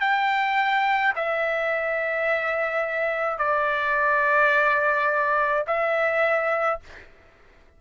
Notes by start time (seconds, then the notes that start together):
0.00 G5
1.16 E5
3.38 D5
5.67 E5